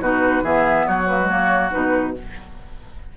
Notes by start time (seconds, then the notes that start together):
0.00 B2 D#4 F#4 B4
0.42 E3 B3 G#4 E5
0.87 F#3 F#4 C#5
1.07 A#3 B4
1.20 G#3
1.28 A#3 C#5
1.71 B2 D#4 B4